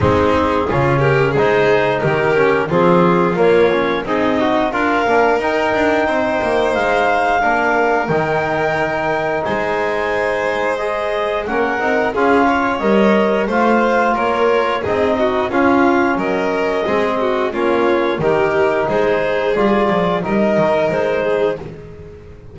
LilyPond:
<<
  \new Staff \with { instrumentName = "clarinet" } { \time 4/4 \tempo 4 = 89 gis'4. ais'8 c''4 ais'4 | gis'4 cis''4 dis''4 f''4 | g''2 f''2 | g''2 gis''2 |
dis''4 fis''4 f''4 dis''4 | f''4 cis''4 dis''4 f''4 | dis''2 cis''4 ais'4 | c''4 d''4 dis''4 c''4 | }
  \new Staff \with { instrumentName = "violin" } { \time 4/4 dis'4 f'8 g'8 gis'4 g'4 | f'2 dis'4 ais'4~ | ais'4 c''2 ais'4~ | ais'2 c''2~ |
c''4 ais'4 gis'8 cis''4. | c''4 ais'4 gis'8 fis'8 f'4 | ais'4 gis'8 fis'8 f'4 g'4 | gis'2 ais'4. gis'8 | }
  \new Staff \with { instrumentName = "trombone" } { \time 4/4 c'4 cis'4 dis'4. cis'8 | c'4 ais8 cis'8 gis'8 fis'8 f'8 d'8 | dis'2. d'4 | dis'1 |
gis'4 cis'8 dis'8 f'4 ais'4 | f'2 dis'4 cis'4~ | cis'4 c'4 cis'4 dis'4~ | dis'4 f'4 dis'2 | }
  \new Staff \with { instrumentName = "double bass" } { \time 4/4 gis4 cis4 gis4 dis4 | f4 ais4 c'4 d'8 ais8 | dis'8 d'8 c'8 ais8 gis4 ais4 | dis2 gis2~ |
gis4 ais8 c'8 cis'4 g4 | a4 ais4 c'4 cis'4 | fis4 gis4 ais4 dis4 | gis4 g8 f8 g8 dis8 gis4 | }
>>